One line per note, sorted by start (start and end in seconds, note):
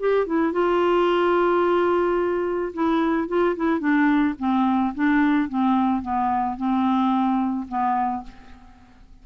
0.00 0.27 G4
0.27 0.53 E4
0.53 2.73 F4
2.74 3.28 E4
3.28 3.56 F4
3.56 3.80 E4
3.80 4.35 D4
4.39 4.94 C4
4.95 5.49 D4
5.49 6.03 C4
6.03 6.57 B3
6.57 7.67 C4
7.69 8.24 B3